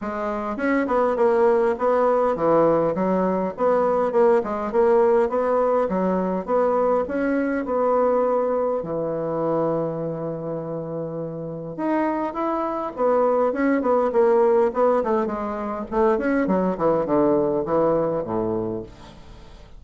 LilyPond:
\new Staff \with { instrumentName = "bassoon" } { \time 4/4 \tempo 4 = 102 gis4 cis'8 b8 ais4 b4 | e4 fis4 b4 ais8 gis8 | ais4 b4 fis4 b4 | cis'4 b2 e4~ |
e1 | dis'4 e'4 b4 cis'8 b8 | ais4 b8 a8 gis4 a8 cis'8 | fis8 e8 d4 e4 a,4 | }